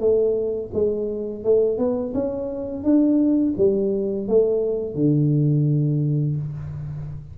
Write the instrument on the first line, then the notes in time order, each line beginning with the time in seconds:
tuba
0.00 A3
0.74 G#3
1.44 A3
1.78 B3
2.14 C#4
2.84 D4
3.57 G3
4.28 A3
4.95 D3